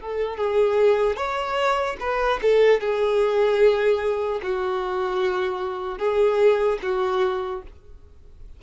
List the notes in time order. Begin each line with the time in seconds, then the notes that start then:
0.00 A4
0.37 G#4
1.16 C#5
2.00 B4
2.41 A4
2.80 G#4
4.42 F#4
5.98 G#4
6.82 F#4